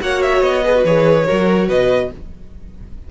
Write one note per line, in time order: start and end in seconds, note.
0.00 0.41 A#3
0.00 0.63 F#4
0.00 0.64 C#5
0.00 0.22 F#5
0.22 0.42 E5
0.41 0.83 B3
0.41 0.84 D#5
0.64 0.75 G#4
0.64 1.27 B4
0.75 0.85 F#4
0.85 1.27 E3
0.85 1.26 G#4
0.85 1.69 C#5
1.26 1.69 F#3
1.26 2.10 F#4
1.26 1.68 A#4
1.68 2.11 B2
1.68 2.10 B4
1.68 2.11 D#5